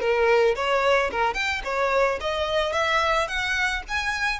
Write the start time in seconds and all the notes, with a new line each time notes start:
0.00 A#4
0.56 C#5
1.11 A#4
1.34 G5
1.64 C#5
2.20 D#5
2.72 E5
3.28 F#5
3.88 G#5